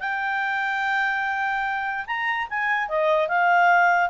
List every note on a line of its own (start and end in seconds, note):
0.00 2.05 G5
2.07 2.48 A#5
2.50 2.89 G#5
2.89 3.28 D#5
3.28 4.10 F5